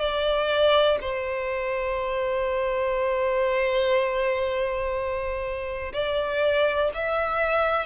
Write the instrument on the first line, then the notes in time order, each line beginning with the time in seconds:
violin
0.00 D5
1.01 C5
5.93 D5
6.94 E5